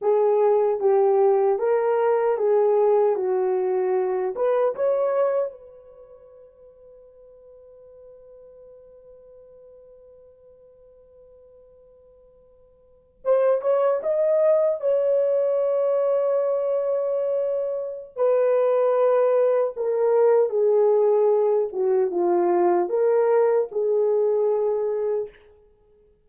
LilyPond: \new Staff \with { instrumentName = "horn" } { \time 4/4 \tempo 4 = 76 gis'4 g'4 ais'4 gis'4 | fis'4. b'8 cis''4 b'4~ | b'1~ | b'1~ |
b'8. c''8 cis''8 dis''4 cis''4~ cis''16~ | cis''2. b'4~ | b'4 ais'4 gis'4. fis'8 | f'4 ais'4 gis'2 | }